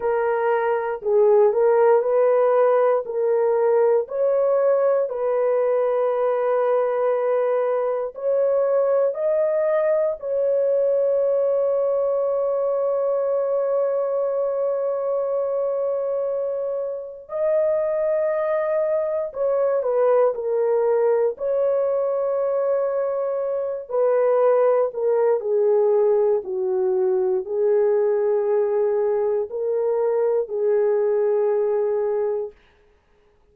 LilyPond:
\new Staff \with { instrumentName = "horn" } { \time 4/4 \tempo 4 = 59 ais'4 gis'8 ais'8 b'4 ais'4 | cis''4 b'2. | cis''4 dis''4 cis''2~ | cis''1~ |
cis''4 dis''2 cis''8 b'8 | ais'4 cis''2~ cis''8 b'8~ | b'8 ais'8 gis'4 fis'4 gis'4~ | gis'4 ais'4 gis'2 | }